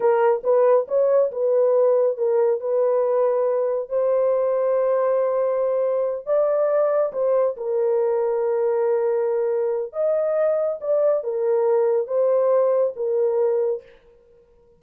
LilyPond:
\new Staff \with { instrumentName = "horn" } { \time 4/4 \tempo 4 = 139 ais'4 b'4 cis''4 b'4~ | b'4 ais'4 b'2~ | b'4 c''2.~ | c''2~ c''8 d''4.~ |
d''8 c''4 ais'2~ ais'8~ | ais'2. dis''4~ | dis''4 d''4 ais'2 | c''2 ais'2 | }